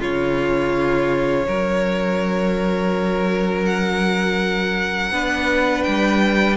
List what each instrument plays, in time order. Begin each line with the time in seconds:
0.00 cello C#3, viola C#4, violin F4 C#5
1.48 cello F#3, violin A#4
3.66 violin F#5
5.11 cello B3, viola D4, violin B4
5.84 cello G3, violin G5